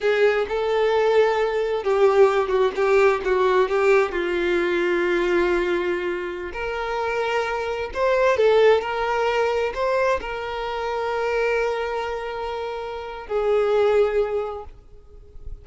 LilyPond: \new Staff \with { instrumentName = "violin" } { \time 4/4 \tempo 4 = 131 gis'4 a'2. | g'4. fis'8 g'4 fis'4 | g'4 f'2.~ | f'2~ f'16 ais'4.~ ais'16~ |
ais'4~ ais'16 c''4 a'4 ais'8.~ | ais'4~ ais'16 c''4 ais'4.~ ais'16~ | ais'1~ | ais'4 gis'2. | }